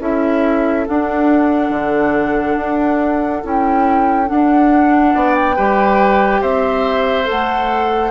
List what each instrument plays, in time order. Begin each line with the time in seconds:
0.00 bassoon C#4, clarinet E4, oboe A4, flute E5
0.88 bassoon D4, clarinet D4, flute F#5
1.70 bassoon D3
2.57 bassoon D4
3.44 bassoon C#4, clarinet E4, flute G5
4.27 clarinet D4, bassoon D4, flute F#5
5.14 bassoon B3, oboe D5
5.35 flute G5
5.56 bassoon G3, clarinet G4, oboe B4
6.41 bassoon C4, oboe C5, flute E5
7.24 clarinet A4, flute F#5
7.31 bassoon A3